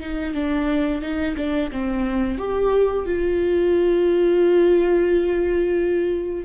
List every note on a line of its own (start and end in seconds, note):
0.00 0.34 D#4
0.34 1.02 D4
1.02 1.36 D#4
1.37 1.71 D4
1.72 2.38 C4
2.38 3.06 G4
3.06 6.45 F4